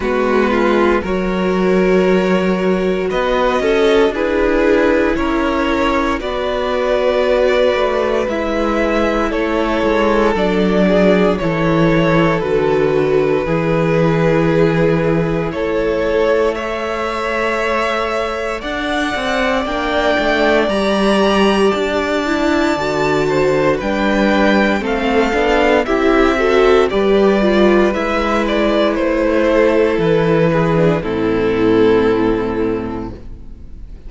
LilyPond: <<
  \new Staff \with { instrumentName = "violin" } { \time 4/4 \tempo 4 = 58 b'4 cis''2 dis''4 | b'4 cis''4 d''2 | e''4 cis''4 d''4 cis''4 | b'2. cis''4 |
e''2 fis''4 g''4 | ais''4 a''2 g''4 | f''4 e''4 d''4 e''8 d''8 | c''4 b'4 a'2 | }
  \new Staff \with { instrumentName = "violin" } { \time 4/4 fis'8 f'8 ais'2 b'8 a'8 | gis'4 ais'4 b'2~ | b'4 a'4. gis'8 a'4~ | a'4 gis'2 a'4 |
cis''2 d''2~ | d''2~ d''8 c''8 b'4 | a'4 g'8 a'8 b'2~ | b'8 a'4 gis'8 e'2 | }
  \new Staff \with { instrumentName = "viola" } { \time 4/4 b4 fis'2. | e'2 fis'2 | e'2 d'4 e'4 | fis'4 e'2. |
a'2. d'4 | g'4. e'8 fis'4 d'4 | c'8 d'8 e'8 fis'8 g'8 f'8 e'4~ | e'4.~ e'16 d'16 c'2 | }
  \new Staff \with { instrumentName = "cello" } { \time 4/4 gis4 fis2 b8 cis'8 | d'4 cis'4 b4. a8 | gis4 a8 gis8 fis4 e4 | d4 e2 a4~ |
a2 d'8 c'8 ais8 a8 | g4 d'4 d4 g4 | a8 b8 c'4 g4 gis4 | a4 e4 a,2 | }
>>